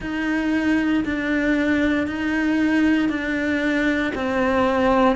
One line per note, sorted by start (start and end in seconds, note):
0.00 1.03 D#4
1.04 2.07 D4
2.07 3.08 D#4
3.08 4.12 D4
4.14 5.16 C4